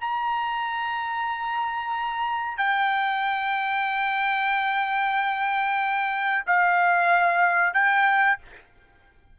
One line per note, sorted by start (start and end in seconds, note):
0.00 2.57 A#5
2.57 6.44 G5
6.46 7.74 F5
7.74 8.38 G5